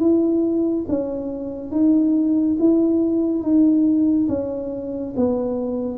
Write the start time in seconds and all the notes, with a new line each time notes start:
0.00 E4
0.89 C#4
1.71 D#4
2.59 E4
3.42 D#4
4.29 C#4
5.17 B3